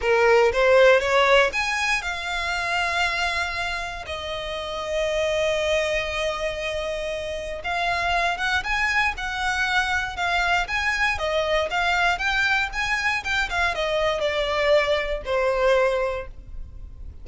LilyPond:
\new Staff \with { instrumentName = "violin" } { \time 4/4 \tempo 4 = 118 ais'4 c''4 cis''4 gis''4 | f''1 | dis''1~ | dis''2. f''4~ |
f''8 fis''8 gis''4 fis''2 | f''4 gis''4 dis''4 f''4 | g''4 gis''4 g''8 f''8 dis''4 | d''2 c''2 | }